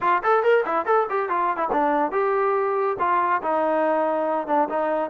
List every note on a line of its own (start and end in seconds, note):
0.01 0.22 F4
0.23 0.43 A4
0.43 0.64 A#4
0.65 0.85 E4
0.85 1.07 A4
1.09 1.29 G4
1.29 1.56 F4
1.56 1.67 E4
1.72 2.11 D4
2.11 2.96 G4
2.99 3.41 F4
3.42 4.47 D#4
4.47 4.68 D4
4.69 5.10 D#4